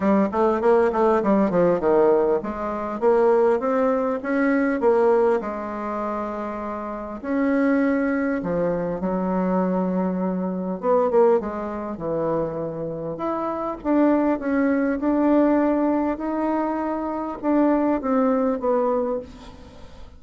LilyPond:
\new Staff \with { instrumentName = "bassoon" } { \time 4/4 \tempo 4 = 100 g8 a8 ais8 a8 g8 f8 dis4 | gis4 ais4 c'4 cis'4 | ais4 gis2. | cis'2 f4 fis4~ |
fis2 b8 ais8 gis4 | e2 e'4 d'4 | cis'4 d'2 dis'4~ | dis'4 d'4 c'4 b4 | }